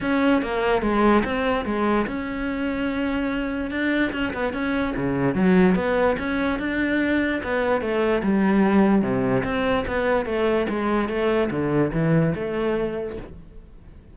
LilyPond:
\new Staff \with { instrumentName = "cello" } { \time 4/4 \tempo 4 = 146 cis'4 ais4 gis4 c'4 | gis4 cis'2.~ | cis'4 d'4 cis'8 b8 cis'4 | cis4 fis4 b4 cis'4 |
d'2 b4 a4 | g2 c4 c'4 | b4 a4 gis4 a4 | d4 e4 a2 | }